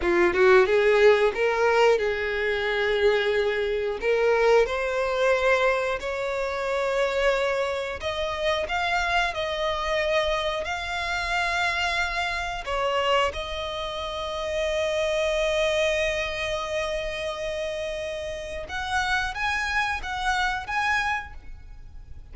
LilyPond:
\new Staff \with { instrumentName = "violin" } { \time 4/4 \tempo 4 = 90 f'8 fis'8 gis'4 ais'4 gis'4~ | gis'2 ais'4 c''4~ | c''4 cis''2. | dis''4 f''4 dis''2 |
f''2. cis''4 | dis''1~ | dis''1 | fis''4 gis''4 fis''4 gis''4 | }